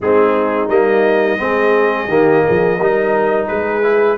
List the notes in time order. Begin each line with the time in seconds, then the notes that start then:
0.00 G#3 C4 D#4 G#4
0.68 G3 A#3 D#5
1.37 G#3 C4 G#4
2.08 D#3 A#3 G4
2.45 F3 G#4
2.77 G3 D#4 A#4
3.47 G#3 G#4 B4
3.83 E4